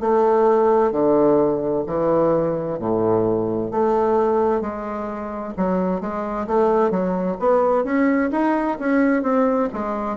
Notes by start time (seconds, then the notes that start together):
0.00 A3
0.92 D3
1.87 E3
2.79 A2
3.71 A3
4.61 G#3
5.57 F#3
6.00 G#3
6.47 A3
6.91 F#3
7.39 B3
7.84 C#4
8.32 D#4
8.79 C#4
9.22 C4
9.73 G#3